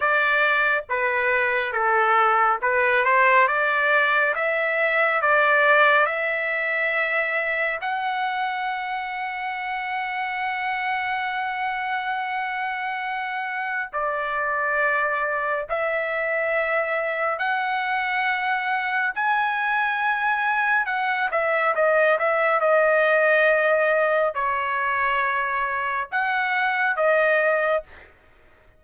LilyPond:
\new Staff \with { instrumentName = "trumpet" } { \time 4/4 \tempo 4 = 69 d''4 b'4 a'4 b'8 c''8 | d''4 e''4 d''4 e''4~ | e''4 fis''2.~ | fis''1 |
d''2 e''2 | fis''2 gis''2 | fis''8 e''8 dis''8 e''8 dis''2 | cis''2 fis''4 dis''4 | }